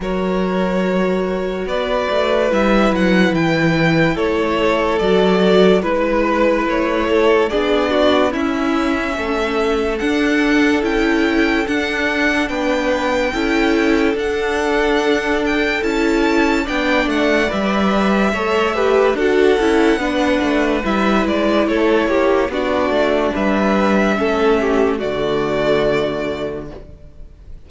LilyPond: <<
  \new Staff \with { instrumentName = "violin" } { \time 4/4 \tempo 4 = 72 cis''2 d''4 e''8 fis''8 | g''4 cis''4 d''4 b'4 | cis''4 d''4 e''2 | fis''4 g''4 fis''4 g''4~ |
g''4 fis''4. g''8 a''4 | g''8 fis''8 e''2 fis''4~ | fis''4 e''8 d''8 cis''4 d''4 | e''2 d''2 | }
  \new Staff \with { instrumentName = "violin" } { \time 4/4 ais'2 b'2~ | b'4 a'2 b'4~ | b'8 a'8 gis'8 fis'8 e'4 a'4~ | a'2. b'4 |
a'1 | d''2 cis''8 b'8 a'4 | b'2 a'8 g'8 fis'4 | b'4 a'8 g'8 fis'2 | }
  \new Staff \with { instrumentName = "viola" } { \time 4/4 fis'2. e'4~ | e'2 fis'4 e'4~ | e'4 d'4 cis'2 | d'4 e'4 d'2 |
e'4 d'2 e'4 | d'4 b'4 a'8 g'8 fis'8 e'8 | d'4 e'2 d'4~ | d'4 cis'4 a2 | }
  \new Staff \with { instrumentName = "cello" } { \time 4/4 fis2 b8 a8 g8 fis8 | e4 a4 fis4 gis4 | a4 b4 cis'4 a4 | d'4 cis'4 d'4 b4 |
cis'4 d'2 cis'4 | b8 a8 g4 a4 d'8 cis'8 | b8 a8 g8 gis8 a8 ais8 b8 a8 | g4 a4 d2 | }
>>